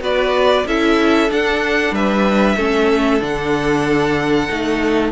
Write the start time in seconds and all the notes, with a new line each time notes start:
0.00 B3 F#4 B4 D5
0.66 C#4 E4 A4 E5
1.29 D4 F#5
1.91 G3 B4 E5
2.56 A3 C#4 A4
3.20 D3 D4 F#5
4.49 A3 D#4